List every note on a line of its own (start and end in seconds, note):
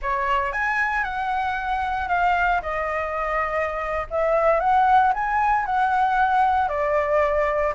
0.01 0.52 C#5
0.52 1.03 G#5
1.03 2.08 F#5
2.08 2.61 F5
2.62 4.06 D#5
4.10 4.60 E5
4.60 5.12 F#5
5.13 5.65 G#5
5.65 6.68 F#5
6.68 7.73 D5